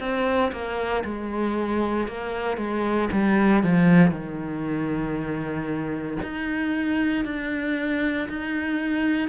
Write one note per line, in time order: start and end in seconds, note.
0.00 0.52 C4
0.52 1.04 A#3
1.04 2.08 G#3
2.08 2.57 A#3
2.57 3.09 G#3
3.12 3.63 G3
3.63 4.11 F3
4.11 6.18 D#3
6.23 7.25 D#4
7.25 8.29 D4
8.29 9.29 D#4